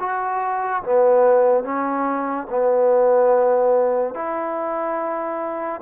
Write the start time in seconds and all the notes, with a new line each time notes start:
0.00 F#4
0.83 B3
1.64 C#4
2.50 B3
4.14 E4